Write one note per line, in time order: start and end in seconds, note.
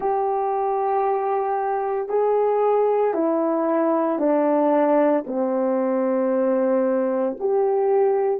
0.00 2.08 G4
2.08 3.13 G#4
3.13 4.18 E4
4.18 5.23 D4
5.26 7.37 C4
7.39 8.40 G4